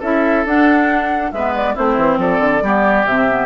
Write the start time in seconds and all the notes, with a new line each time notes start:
0.00 C#4 E4 A4 E5
0.45 D4 F#5
1.32 G#3 B3 B4 E5
1.55 D5
1.75 A3 C4 E4 C5
1.98 E3
2.18 F3 A4 D5
2.40 D3
2.62 G3 B3 G4
3.06 C3 C4 E5
3.29 B3